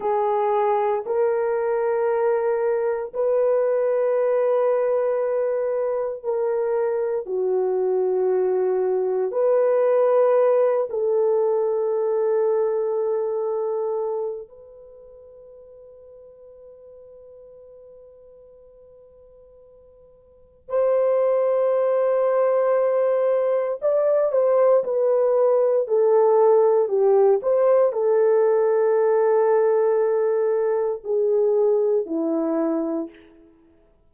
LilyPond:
\new Staff \with { instrumentName = "horn" } { \time 4/4 \tempo 4 = 58 gis'4 ais'2 b'4~ | b'2 ais'4 fis'4~ | fis'4 b'4. a'4.~ | a'2 b'2~ |
b'1 | c''2. d''8 c''8 | b'4 a'4 g'8 c''8 a'4~ | a'2 gis'4 e'4 | }